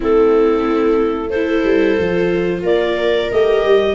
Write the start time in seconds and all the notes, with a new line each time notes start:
0.00 A3 C4 E4 A4
1.30 E4 A4 C5
1.63 G3
1.98 F3 F4
2.62 A#3 A#4 D5
3.31 A3 G4 D#5
3.63 G3